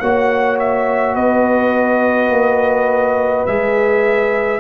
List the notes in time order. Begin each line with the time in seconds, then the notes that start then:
0.00 A#3 F#4 C#5 F#5
0.60 E5
1.15 B3 B4 D#5
2.30 A#3
3.46 G#3 G#4 E5